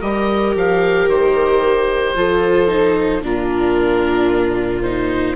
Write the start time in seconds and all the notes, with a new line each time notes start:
0.00 G3 G4 A#4 D#5
0.55 F3 F5
1.08 D#3 C5
2.15 F3 F4 A4
2.67 D#4
3.22 A#2 D4 F4 A#4
4.82 D#4 C5